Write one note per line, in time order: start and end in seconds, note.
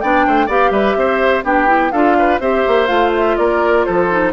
0.00 0.26 B3
0.00 0.48 D4
0.00 0.26 D5
0.00 0.48 G5
0.26 0.48 A3
0.26 0.46 C5
0.46 0.70 B3
0.46 1.43 G4
0.46 0.70 D5
0.46 0.71 F5
0.70 0.94 G3
0.70 0.96 B4
0.70 1.43 E5
0.96 1.44 C4
0.96 1.44 C5
1.43 1.92 B3
1.43 1.67 D4
1.43 1.92 G4
1.43 1.91 G5
1.67 1.91 E4
1.91 2.39 D4
1.91 2.40 F4
1.91 2.16 A4
1.91 2.39 F5
2.18 2.40 B4
2.39 2.63 C4
2.39 2.87 G4
2.39 3.36 C5
2.39 2.87 E5
2.67 2.89 A#3
2.87 3.37 A3
2.87 4.07 F4
2.87 3.11 F5
3.15 3.36 E5
3.36 3.86 A#3
3.36 3.86 A#4
3.36 3.84 D5
3.84 4.32 F3
3.84 4.32 A4
3.84 4.32 C5
4.10 4.32 D#4